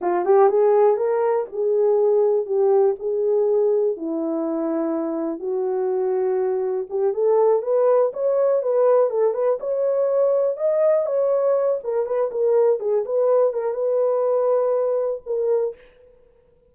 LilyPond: \new Staff \with { instrumentName = "horn" } { \time 4/4 \tempo 4 = 122 f'8 g'8 gis'4 ais'4 gis'4~ | gis'4 g'4 gis'2 | e'2. fis'4~ | fis'2 g'8 a'4 b'8~ |
b'8 cis''4 b'4 a'8 b'8 cis''8~ | cis''4. dis''4 cis''4. | ais'8 b'8 ais'4 gis'8 b'4 ais'8 | b'2. ais'4 | }